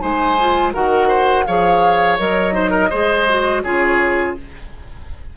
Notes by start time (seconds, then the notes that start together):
0.00 G#3 D#4 C5 G#5
0.40 F4
0.74 D#3 F#4 A#4 F#5
1.08 C5
1.46 F3 G#4 C#5 F5
2.18 F#3 A#4 D#5
2.53 D#4 C5
2.71 A#4
2.90 G#3 G#4 C5
3.29 F#4
3.63 C#3 F4 G#4 C#5